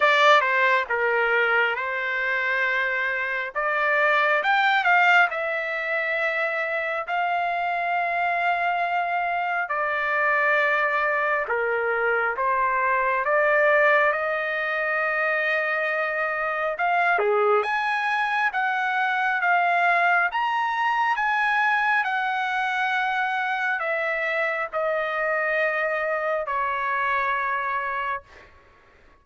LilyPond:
\new Staff \with { instrumentName = "trumpet" } { \time 4/4 \tempo 4 = 68 d''8 c''8 ais'4 c''2 | d''4 g''8 f''8 e''2 | f''2. d''4~ | d''4 ais'4 c''4 d''4 |
dis''2. f''8 gis'8 | gis''4 fis''4 f''4 ais''4 | gis''4 fis''2 e''4 | dis''2 cis''2 | }